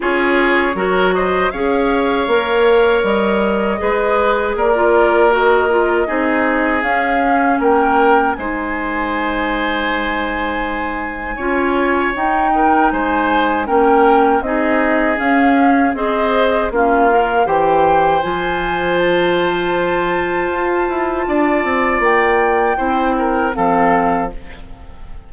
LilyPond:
<<
  \new Staff \with { instrumentName = "flute" } { \time 4/4 \tempo 4 = 79 cis''4. dis''8 f''2 | dis''2 d''4 dis''4~ | dis''4 f''4 g''4 gis''4~ | gis''1 |
g''4 gis''4 g''4 dis''4 | f''4 dis''4 f''4 g''4 | gis''4 a''2.~ | a''4 g''2 f''4 | }
  \new Staff \with { instrumentName = "oboe" } { \time 4/4 gis'4 ais'8 c''8 cis''2~ | cis''4 b'4 ais'2 | gis'2 ais'4 c''4~ | c''2. cis''4~ |
cis''8 ais'8 c''4 ais'4 gis'4~ | gis'4 c''4 f'4 c''4~ | c''1 | d''2 c''8 ais'8 a'4 | }
  \new Staff \with { instrumentName = "clarinet" } { \time 4/4 f'4 fis'4 gis'4 ais'4~ | ais'4 gis'4~ gis'16 f'8. fis'8 f'8 | dis'4 cis'2 dis'4~ | dis'2. f'4 |
dis'2 cis'4 dis'4 | cis'4 gis'4 cis'8 ais'8 g'4 | f'1~ | f'2 e'4 c'4 | }
  \new Staff \with { instrumentName = "bassoon" } { \time 4/4 cis'4 fis4 cis'4 ais4 | g4 gis4 ais2 | c'4 cis'4 ais4 gis4~ | gis2. cis'4 |
dis'4 gis4 ais4 c'4 | cis'4 c'4 ais4 e4 | f2. f'8 e'8 | d'8 c'8 ais4 c'4 f4 | }
>>